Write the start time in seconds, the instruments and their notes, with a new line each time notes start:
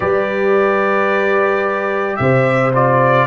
0.00 tuba G3, trombone G4, horn B4, trumpet D5
2.16 tuba C3, horn C5, trumpet E5
2.74 trombone F4, trumpet D5